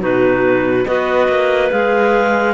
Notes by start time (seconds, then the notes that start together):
0.00 B2 D#4 F#4 B4
0.86 B3 F#4 B4 D#5
1.28 A#3
1.71 G#3 G#4 F5